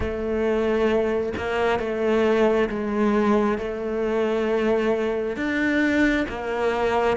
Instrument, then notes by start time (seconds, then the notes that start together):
cello
0.00 A3
1.37 A#3
1.79 A3
2.69 G#3
3.58 A3
5.36 D4
6.28 A#3